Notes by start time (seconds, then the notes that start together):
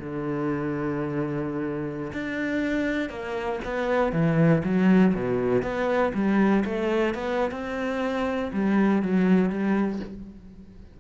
0.00 D3
2.13 D4
3.10 A#3
3.65 B3
4.13 E3
4.65 F#3
5.15 B2
5.63 B3
6.15 G3
6.65 A3
7.15 B3
7.52 C4
8.53 G3
9.03 F#3
9.50 G3